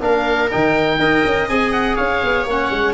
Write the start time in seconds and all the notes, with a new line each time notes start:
0.00 A#3 D4 A#4 F5
0.50 D#3 D#4 G5
0.98 D#4 A#4 D#5
1.24 C#4
1.48 C4 G#4 G#5
1.72 F#5
1.95 C#4 C#5 F5
2.23 B3
2.45 A#3 C#4 F#5
2.70 G#3